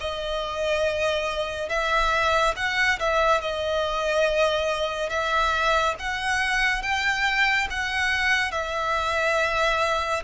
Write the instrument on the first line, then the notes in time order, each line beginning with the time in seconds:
violin
0.00 D#5
1.69 E5
2.56 F#5
2.99 E5
3.41 D#5
5.09 E5
5.98 F#5
6.82 G5
7.70 F#5
8.51 E5